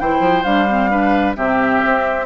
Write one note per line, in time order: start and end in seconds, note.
0.00 0.20 E3
0.00 0.44 E4
0.00 0.91 C5
0.00 0.43 G5
0.20 0.43 F3
0.43 1.36 G3
0.43 0.67 D4
0.43 1.34 F5
0.68 0.90 C4
0.90 1.35 D4
0.90 1.36 B4
1.36 1.83 C3
1.36 2.26 C4
1.36 2.26 G4
1.36 2.26 E5
1.84 2.26 C4